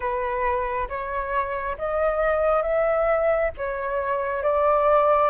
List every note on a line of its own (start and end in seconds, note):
0.00 0.88 B4
0.88 1.76 C#5
1.78 2.62 D#5
2.62 3.51 E5
3.57 4.42 C#5
4.42 5.29 D5